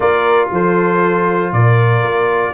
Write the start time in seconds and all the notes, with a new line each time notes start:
0.00 A#3 F4 A#4 D5
0.51 F3 A4 C5
1.52 A#2 A#4 D5
2.02 A#3